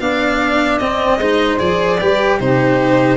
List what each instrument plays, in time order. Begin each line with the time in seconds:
0.00 tuba B3, cello D4, saxophone D5, violin F5
0.79 tuba C4, cello C4, violin D#5
1.18 tuba G#3, cello D#4, saxophone C5
1.59 tuba F3, cello G#4, violin D5
1.99 tuba G3, cello G4, saxophone B4
2.40 tuba C3, cello D#4, saxophone G4, violin C5